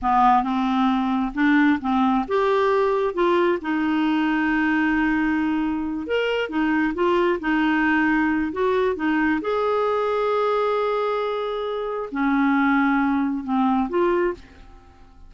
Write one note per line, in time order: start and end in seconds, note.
0.02 0.43 B3
0.43 1.32 C4
1.34 1.79 D4
1.81 2.25 C4
2.27 3.14 G4
3.14 3.58 F4
3.61 6.07 D#4
6.07 6.49 A#4
6.49 6.93 D#4
6.94 7.39 F4
7.40 8.52 D#4
8.52 8.95 F#4
8.95 9.40 D#4
9.41 12.09 G#4
12.11 13.43 C#4
13.43 13.88 C4
13.89 14.33 F4